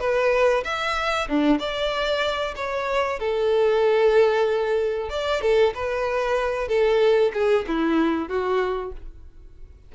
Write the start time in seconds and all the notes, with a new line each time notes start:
0.00 B4
0.64 E5
1.29 D4
1.59 D5
2.56 C#5
3.19 A4
5.09 D5
5.41 A4
5.75 B4
6.68 A4
7.33 G#4
7.67 E4
8.29 F#4